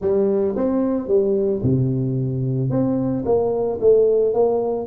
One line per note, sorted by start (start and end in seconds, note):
0.01 0.55 G3
0.56 1.07 C4
1.07 1.61 G3
1.62 2.70 C3
2.70 3.24 C4
3.25 3.79 A#3
3.80 4.33 A3
4.33 4.86 A#3